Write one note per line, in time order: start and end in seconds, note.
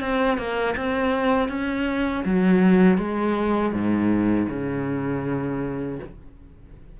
0.00 0.37 C4
0.37 0.75 A#3
0.76 1.48 C4
1.48 2.23 C#4
2.25 2.97 F#3
2.97 3.72 G#3
3.72 4.47 G#2
4.49 5.99 C#3